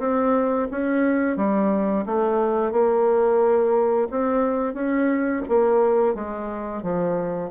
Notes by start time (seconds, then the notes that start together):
0.00 C4
0.71 C#4
1.37 G3
2.06 A3
2.72 A#3
4.11 C4
4.74 C#4
5.49 A#3
6.15 G#3
6.83 F3